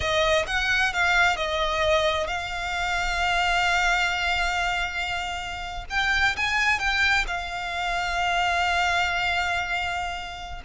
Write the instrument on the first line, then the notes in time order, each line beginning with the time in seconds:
violin
0.00 D#5
0.47 F#5
0.93 F5
1.36 D#5
2.27 F5
5.89 G5
6.36 G#5
6.79 G5
7.27 F5